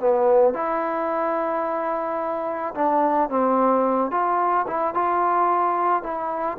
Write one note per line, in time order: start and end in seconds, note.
0.00 0.54 B3
0.54 2.74 E4
2.75 3.30 D4
3.30 4.11 C4
4.11 4.66 F4
4.67 4.94 E4
4.94 6.03 F4
6.03 6.58 E4